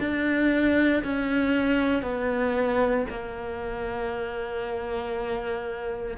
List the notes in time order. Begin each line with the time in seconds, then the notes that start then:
0.00 D4
1.04 C#4
2.03 B3
3.10 A#3